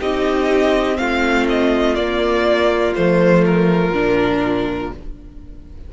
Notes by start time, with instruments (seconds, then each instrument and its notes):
0.00 cello C4, viola D#4, violin G4 D#5
0.95 cello A3, viola C4, violin F4 F5
1.49 violin D#5
1.95 viola A#3, cello A#3, violin D5
2.95 cello F3, viola A3, violin C5
3.46 violin A#4
3.92 cello A#2, viola D4